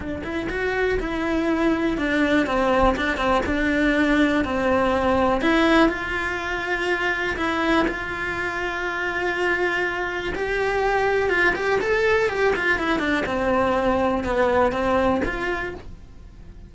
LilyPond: \new Staff \with { instrumentName = "cello" } { \time 4/4 \tempo 4 = 122 d'8 e'8 fis'4 e'2 | d'4 c'4 d'8 c'8 d'4~ | d'4 c'2 e'4 | f'2. e'4 |
f'1~ | f'4 g'2 f'8 g'8 | a'4 g'8 f'8 e'8 d'8 c'4~ | c'4 b4 c'4 f'4 | }